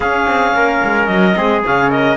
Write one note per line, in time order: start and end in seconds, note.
0.00 0.25 C#4
0.00 1.34 C#4
0.00 0.54 G#4
0.00 1.05 F5
0.26 0.53 C4
0.53 0.81 A#3
0.53 1.36 A#4
0.83 1.07 G#3
1.05 1.35 F#3
1.05 1.60 D#5
1.34 1.63 G#3
1.34 1.61 C4
1.34 1.89 G#4
1.63 2.17 C#3
1.63 2.17 C#4
1.63 1.90 F5
1.89 2.16 A#4
1.89 2.17 D#5